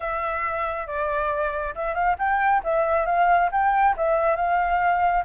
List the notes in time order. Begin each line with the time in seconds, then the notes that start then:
0.00 E5
0.86 D5
1.75 E5
1.94 F5
2.18 G5
2.63 E5
3.06 F5
3.51 G5
3.97 E5
4.36 F5